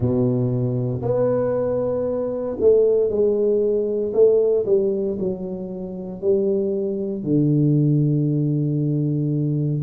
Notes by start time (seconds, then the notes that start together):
0.00 B2
1.02 B3
2.60 A3
3.09 G#3
4.13 A3
4.66 G3
5.19 F#3
6.21 G3
7.23 D3